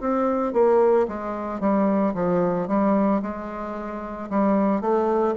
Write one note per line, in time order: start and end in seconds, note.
0.00 0.53 C4
0.53 1.06 A#3
1.07 1.60 G#3
1.60 2.13 G3
2.14 2.67 F3
2.68 3.21 G3
3.22 4.29 G#3
4.30 4.81 G3
4.81 5.34 A3